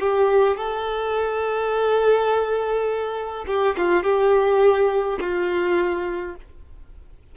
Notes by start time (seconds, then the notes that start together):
0.00 G4
0.57 A4
3.47 G4
3.77 F4
4.03 G4
5.20 F4